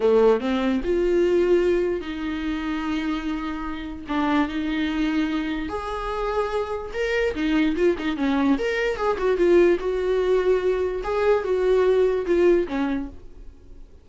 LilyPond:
\new Staff \with { instrumentName = "viola" } { \time 4/4 \tempo 4 = 147 a4 c'4 f'2~ | f'4 dis'2.~ | dis'2 d'4 dis'4~ | dis'2 gis'2~ |
gis'4 ais'4 dis'4 f'8 dis'8 | cis'4 ais'4 gis'8 fis'8 f'4 | fis'2. gis'4 | fis'2 f'4 cis'4 | }